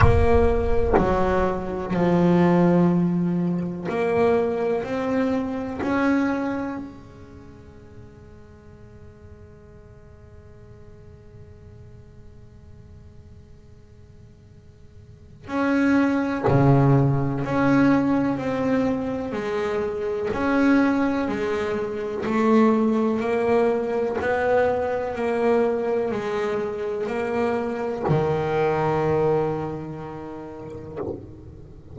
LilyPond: \new Staff \with { instrumentName = "double bass" } { \time 4/4 \tempo 4 = 62 ais4 fis4 f2 | ais4 c'4 cis'4 gis4~ | gis1~ | gis1 |
cis'4 cis4 cis'4 c'4 | gis4 cis'4 gis4 a4 | ais4 b4 ais4 gis4 | ais4 dis2. | }